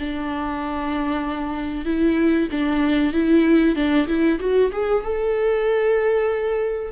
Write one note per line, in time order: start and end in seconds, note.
0.00 1.86 D4
1.86 2.49 E4
2.52 3.14 D4
3.14 3.76 E4
3.76 4.08 D4
4.08 4.40 E4
4.40 4.72 F#4
4.73 5.04 G#4
5.04 6.92 A4